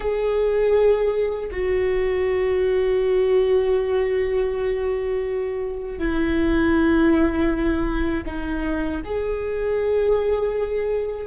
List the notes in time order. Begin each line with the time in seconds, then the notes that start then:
0.00 G#4
1.51 F#4
5.98 E4
8.26 D#4
9.04 G#4